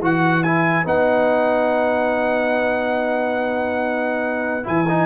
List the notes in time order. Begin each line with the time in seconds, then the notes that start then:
0.00 E3 F#4 B4 F#5
0.43 E4 G#5
0.84 B3 D#4 F#5
4.63 E3 E4 G#5
4.88 D#4